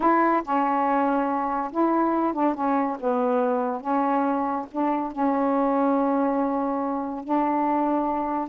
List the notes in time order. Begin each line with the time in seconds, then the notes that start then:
0.00 E4
0.43 C#4
1.71 E4
2.33 D4
2.54 C#4
3.00 B3
3.80 C#4
4.71 D4
5.12 C#4
7.23 D4